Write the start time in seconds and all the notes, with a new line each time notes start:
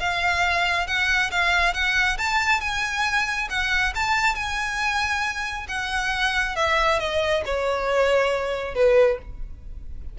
0.00 F5
0.87 F#5
1.31 F5
1.74 F#5
2.18 A5
2.61 G#5
3.50 F#5
3.95 A5
4.35 G#5
5.68 F#5
6.56 E5
7.00 D#5
7.46 C#5
8.75 B4